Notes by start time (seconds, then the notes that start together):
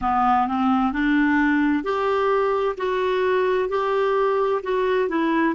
0.01 B3
0.47 C4
0.92 D4
1.83 G4
2.77 F#4
3.69 G4
4.62 F#4
5.08 E4